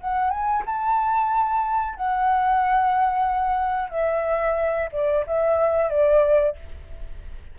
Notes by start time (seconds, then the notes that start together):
0.00 F#5
0.30 G#5
0.66 A5
1.95 F#5
3.90 E5
4.92 D5
5.27 E5
5.90 D5